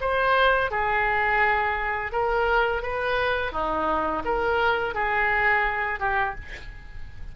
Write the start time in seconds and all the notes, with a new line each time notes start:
0.00 C5
0.71 G#4
2.12 A#4
2.82 B4
3.52 D#4
4.24 A#4
4.94 G#4
5.99 G4